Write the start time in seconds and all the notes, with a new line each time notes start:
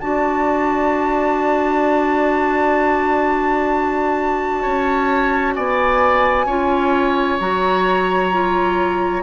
0.00 D4 F#4 D5 A5
4.62 C#4 C#5
5.55 B3 D5 G#5
6.46 C#4 F4 C#5
7.40 F#3 F#4 A#5
8.32 F4